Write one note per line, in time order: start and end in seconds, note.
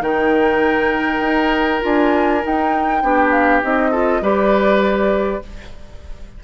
0.00 1.20 D#3
0.00 1.80 D#4
0.00 3.03 A#4
0.00 1.82 G5
1.20 1.80 D#4
1.80 2.44 D4
1.80 2.41 F4
1.80 2.45 G#5
2.42 3.02 D#4
2.42 3.31 G5
3.02 3.62 B3
3.02 3.62 D4
3.02 3.90 G4
3.31 3.61 F5
3.62 4.21 C4
3.62 3.92 D#4
3.62 4.23 D#5
3.90 4.22 F4
3.90 4.20 A4
4.21 5.41 G3
4.21 5.42 G4
4.21 5.42 B4
4.21 5.43 D5